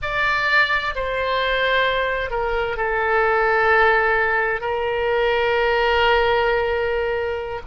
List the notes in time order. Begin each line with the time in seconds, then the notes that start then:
0.02 D5
0.95 C5
2.30 A#4
2.77 A4
4.60 A#4